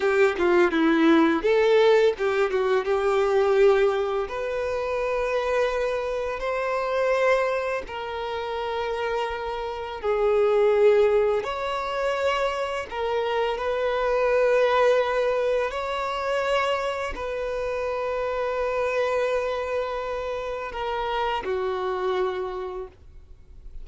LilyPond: \new Staff \with { instrumentName = "violin" } { \time 4/4 \tempo 4 = 84 g'8 f'8 e'4 a'4 g'8 fis'8 | g'2 b'2~ | b'4 c''2 ais'4~ | ais'2 gis'2 |
cis''2 ais'4 b'4~ | b'2 cis''2 | b'1~ | b'4 ais'4 fis'2 | }